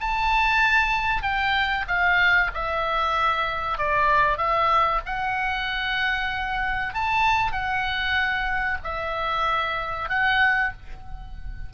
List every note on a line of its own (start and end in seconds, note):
0.00 1.22 A5
1.22 1.85 G5
1.87 2.50 F5
2.54 3.78 E5
3.78 4.38 D5
4.38 5.01 E5
5.06 6.94 F#5
6.94 7.52 A5
7.52 8.78 F#5
8.83 10.09 E5
10.09 10.72 F#5